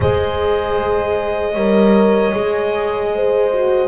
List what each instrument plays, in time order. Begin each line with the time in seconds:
0.00 double bass G#3, horn G#4 C5, violin D#5
1.53 double bass G3, horn A#4 C#5
2.33 double bass G#3, horn G#4
3.14 horn C5
3.52 horn F#4